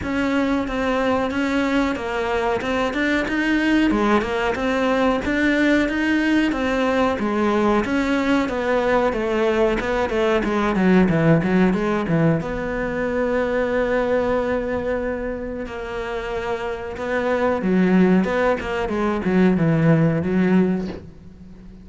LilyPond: \new Staff \with { instrumentName = "cello" } { \time 4/4 \tempo 4 = 92 cis'4 c'4 cis'4 ais4 | c'8 d'8 dis'4 gis8 ais8 c'4 | d'4 dis'4 c'4 gis4 | cis'4 b4 a4 b8 a8 |
gis8 fis8 e8 fis8 gis8 e8 b4~ | b1 | ais2 b4 fis4 | b8 ais8 gis8 fis8 e4 fis4 | }